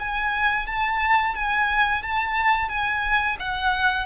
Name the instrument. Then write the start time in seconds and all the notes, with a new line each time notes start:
violin
0.00 G#5
0.67 A5
1.35 G#5
2.03 A5
2.69 G#5
3.40 F#5